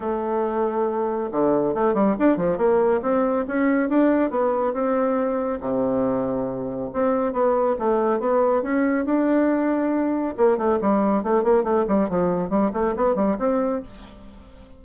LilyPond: \new Staff \with { instrumentName = "bassoon" } { \time 4/4 \tempo 4 = 139 a2. d4 | a8 g8 d'8 f8 ais4 c'4 | cis'4 d'4 b4 c'4~ | c'4 c2. |
c'4 b4 a4 b4 | cis'4 d'2. | ais8 a8 g4 a8 ais8 a8 g8 | f4 g8 a8 b8 g8 c'4 | }